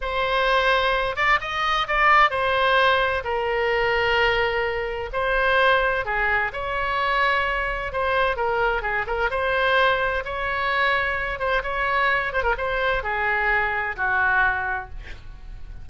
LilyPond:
\new Staff \with { instrumentName = "oboe" } { \time 4/4 \tempo 4 = 129 c''2~ c''8 d''8 dis''4 | d''4 c''2 ais'4~ | ais'2. c''4~ | c''4 gis'4 cis''2~ |
cis''4 c''4 ais'4 gis'8 ais'8 | c''2 cis''2~ | cis''8 c''8 cis''4. c''16 ais'16 c''4 | gis'2 fis'2 | }